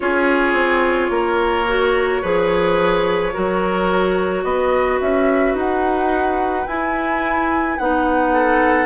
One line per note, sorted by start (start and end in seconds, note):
0.00 0.53 C#4
0.00 1.67 F4
0.00 1.11 G#4
0.00 4.43 C#5
0.53 1.08 C4
1.10 2.21 A#3
1.10 2.22 A#4
1.67 2.22 F#4
2.22 3.34 F3
2.22 3.32 G#4
2.22 3.33 B4
3.32 4.44 F#3
3.32 6.66 F#4
3.32 4.44 A#4
4.43 4.99 B3
4.43 8.32 B4
4.43 4.99 D#5
5.00 5.54 C#4
5.00 5.56 E5
5.54 6.65 D#4
5.54 6.66 F#5
6.66 7.78 E4
6.66 7.78 G#5
7.78 8.86 B3
7.78 8.86 D#4
7.78 8.86 F#5
8.32 8.86 A4